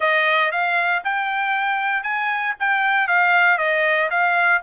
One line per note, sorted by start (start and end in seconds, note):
0.00 0.51 D#5
0.51 1.02 F5
1.03 2.03 G5
2.03 2.54 G#5
2.59 3.07 G5
3.07 3.58 F5
3.58 4.09 D#5
4.10 4.62 F5